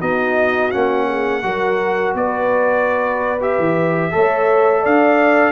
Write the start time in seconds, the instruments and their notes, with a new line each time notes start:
0.00 tuba B3, trombone D#4, horn F#4, trumpet D#5
0.71 tuba A#3, trombone C#4, trumpet F#5
1.08 horn G#4
1.43 tuba F#3, trombone F#4, horn A#4
2.15 tuba B3, horn B4, trumpet D5
3.41 trombone G4, trumpet E5
3.59 tuba E3
4.12 tuba A3, trombone A4, horn C#5
4.82 tuba D4, horn D5, trumpet F5